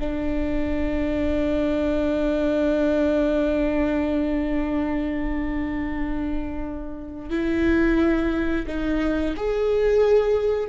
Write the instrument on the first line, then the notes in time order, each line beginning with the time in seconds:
viola
0.00 D4
7.30 E4
8.67 D#4
9.37 G#4